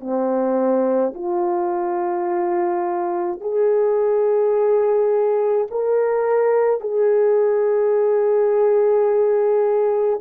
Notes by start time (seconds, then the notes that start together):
0.00 C4
1.15 F4
3.40 G#4
5.70 A#4
6.80 G#4